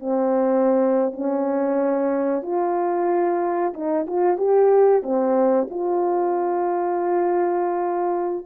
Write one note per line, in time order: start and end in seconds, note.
0.00 1.14 C4
1.14 2.43 C#4
2.43 3.74 F4
3.74 4.07 D#4
4.08 4.38 F4
4.38 5.03 G4
5.03 5.69 C4
5.70 8.47 F4